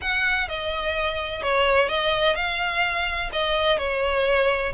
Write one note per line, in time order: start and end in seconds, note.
0.01 0.48 F#5
0.48 1.42 D#5
1.42 1.89 C#5
1.89 2.35 D#5
2.35 3.30 F5
3.32 3.78 D#5
3.78 4.72 C#5